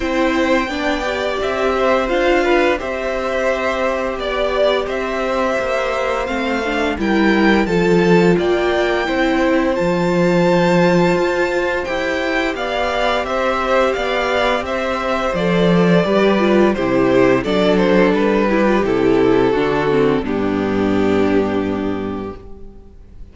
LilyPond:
<<
  \new Staff \with { instrumentName = "violin" } { \time 4/4 \tempo 4 = 86 g''2 e''4 f''4 | e''2 d''4 e''4~ | e''4 f''4 g''4 a''4 | g''2 a''2~ |
a''4 g''4 f''4 e''4 | f''4 e''4 d''2 | c''4 d''8 c''8 b'4 a'4~ | a'4 g'2. | }
  \new Staff \with { instrumentName = "violin" } { \time 4/4 c''4 d''4. c''4 b'8 | c''2 d''4 c''4~ | c''2 ais'4 a'4 | d''4 c''2.~ |
c''2 d''4 c''4 | d''4 c''2 b'4 | g'4 a'4. g'4. | fis'4 d'2. | }
  \new Staff \with { instrumentName = "viola" } { \time 4/4 e'4 d'8 g'4. f'4 | g'1~ | g'4 c'8 d'8 e'4 f'4~ | f'4 e'4 f'2~ |
f'4 g'2.~ | g'2 a'4 g'8 f'8 | e'4 d'4. e'16 f'16 e'4 | d'8 c'8 b2. | }
  \new Staff \with { instrumentName = "cello" } { \time 4/4 c'4 b4 c'4 d'4 | c'2 b4 c'4 | ais4 a4 g4 f4 | ais4 c'4 f2 |
f'4 e'4 b4 c'4 | b4 c'4 f4 g4 | c4 fis4 g4 c4 | d4 g,2. | }
>>